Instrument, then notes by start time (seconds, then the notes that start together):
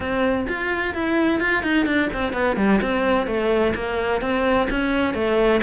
cello
0.00 C4
0.48 F4
0.94 E4
1.39 F4
1.62 D#4
1.85 D4
2.13 C4
2.32 B3
2.56 G3
2.81 C4
3.26 A3
3.74 A#3
4.21 C4
4.70 C#4
5.13 A3